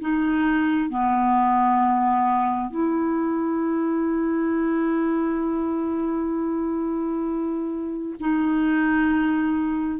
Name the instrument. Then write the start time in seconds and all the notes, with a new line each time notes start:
clarinet
0.00 D#4
0.89 B3
2.70 E4
8.20 D#4